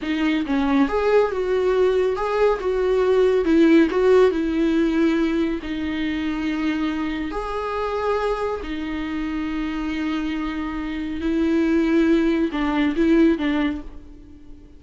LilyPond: \new Staff \with { instrumentName = "viola" } { \time 4/4 \tempo 4 = 139 dis'4 cis'4 gis'4 fis'4~ | fis'4 gis'4 fis'2 | e'4 fis'4 e'2~ | e'4 dis'2.~ |
dis'4 gis'2. | dis'1~ | dis'2 e'2~ | e'4 d'4 e'4 d'4 | }